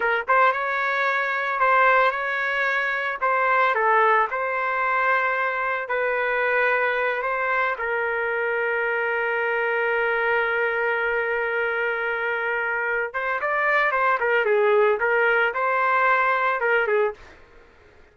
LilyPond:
\new Staff \with { instrumentName = "trumpet" } { \time 4/4 \tempo 4 = 112 ais'8 c''8 cis''2 c''4 | cis''2 c''4 a'4 | c''2. b'4~ | b'4. c''4 ais'4.~ |
ais'1~ | ais'1~ | ais'8 c''8 d''4 c''8 ais'8 gis'4 | ais'4 c''2 ais'8 gis'8 | }